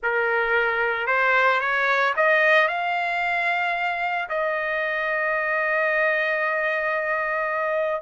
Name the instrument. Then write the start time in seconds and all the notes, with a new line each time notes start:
trumpet
0.02 A#4
1.06 C5
1.60 C#5
2.16 D#5
2.68 F5
4.29 D#5